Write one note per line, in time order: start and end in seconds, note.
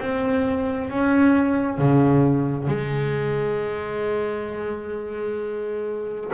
0.00 0.90 C4
0.90 1.78 C#4
1.78 2.68 C#3
2.68 6.31 G#3